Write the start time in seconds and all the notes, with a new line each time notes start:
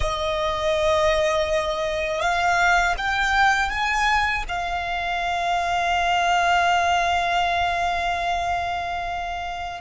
0.00 D#5
2.21 F5
2.97 G5
3.69 G#5
4.48 F5